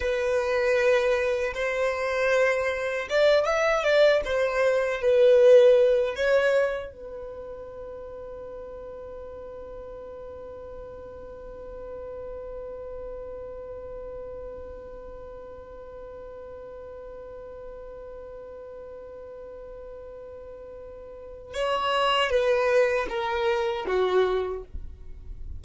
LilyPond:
\new Staff \with { instrumentName = "violin" } { \time 4/4 \tempo 4 = 78 b'2 c''2 | d''8 e''8 d''8 c''4 b'4. | cis''4 b'2.~ | b'1~ |
b'1~ | b'1~ | b'1 | cis''4 b'4 ais'4 fis'4 | }